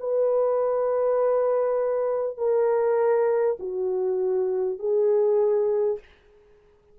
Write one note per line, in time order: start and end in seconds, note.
0.00 2.37 B4
2.37 3.57 A#4
3.59 4.79 F#4
4.79 5.99 G#4